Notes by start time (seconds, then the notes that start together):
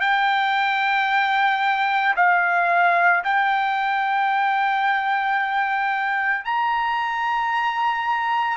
0.00 G5
2.16 F5
3.24 G5
6.45 A#5